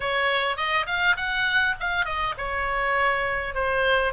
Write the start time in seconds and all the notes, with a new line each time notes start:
0.00 C#5
0.56 D#5
0.86 F5
1.16 F#5
1.80 F5
2.05 D#5
2.37 C#5
3.54 C5